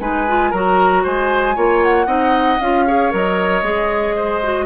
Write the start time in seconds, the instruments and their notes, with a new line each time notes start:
0.00 bassoon G#3, clarinet D#4, oboe B4, flute G#5
0.28 clarinet F4
0.51 bassoon F#3, clarinet F#4, oboe A#4, flute A#5
1.04 bassoon G#3, oboe C5, flute G#5
1.56 bassoon A#3, clarinet F4, oboe C#5
1.83 flute F#5
2.06 bassoon C4, clarinet D#4, oboe D#5
2.61 bassoon C#4, clarinet F4, flute F5
2.87 clarinet G#4, oboe C#5
3.11 bassoon F#3, clarinet A#4, flute D#5
3.63 bassoon G#3, clarinet G#4
4.16 oboe C5
4.43 clarinet F#4